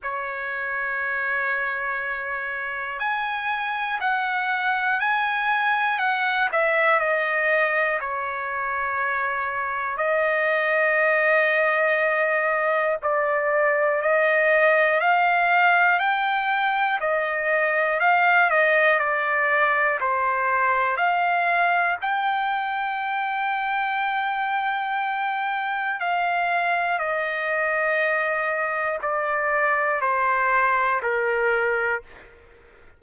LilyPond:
\new Staff \with { instrumentName = "trumpet" } { \time 4/4 \tempo 4 = 60 cis''2. gis''4 | fis''4 gis''4 fis''8 e''8 dis''4 | cis''2 dis''2~ | dis''4 d''4 dis''4 f''4 |
g''4 dis''4 f''8 dis''8 d''4 | c''4 f''4 g''2~ | g''2 f''4 dis''4~ | dis''4 d''4 c''4 ais'4 | }